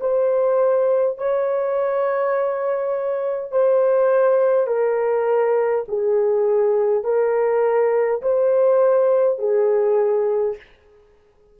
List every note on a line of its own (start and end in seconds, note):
0.00 1.17 C5
1.17 3.51 C#5
3.51 4.66 C5
4.66 5.84 A#4
5.88 7.04 G#4
7.04 8.21 A#4
8.21 9.39 C5
9.39 10.56 G#4